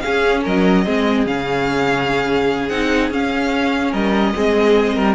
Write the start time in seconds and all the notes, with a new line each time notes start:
0.00 C#4 G#4 F5
0.43 F#3 A#4 D#5
0.85 G#3 C4 G#4
1.26 C#3 C#4 F5
2.68 C4 D#4 F#5
3.10 C#4 F5
3.91 G3 A#4 D#5
4.35 G#3 C4 G#4
4.95 G3 A#4